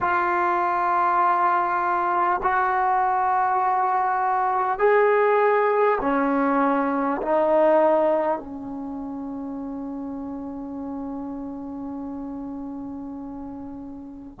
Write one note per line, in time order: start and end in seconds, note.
0.01 2.41 F4
2.43 4.78 F#4
4.78 5.98 G#4
6.01 7.21 C#4
7.22 8.38 D#4
8.38 14.38 C#4